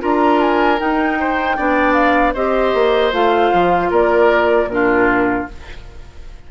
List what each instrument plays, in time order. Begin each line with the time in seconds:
0.00 bassoon D4, clarinet F4, oboe A#4, flute A#5
0.40 flute G#5
0.78 clarinet D#4, bassoon D#4, flute G5
1.20 oboe C5
1.57 bassoon B3, clarinet D4, oboe D5
1.94 flute F5
2.34 bassoon C4, clarinet G4, oboe C5, flute D#5
2.74 bassoon A#3
3.12 bassoon A3, clarinet F4, flute F5
3.53 bassoon F3
3.90 bassoon A#3, oboe A#4, flute D5
4.67 bassoon A#2, clarinet D4, flute A#4
4.73 oboe F4